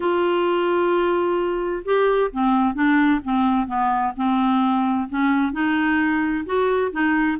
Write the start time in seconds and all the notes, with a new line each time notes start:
0.00 F4
1.84 G4
2.31 C4
2.74 D4
3.23 C4
3.66 B3
4.16 C4
5.09 C#4
5.52 D#4
6.45 F#4
6.91 D#4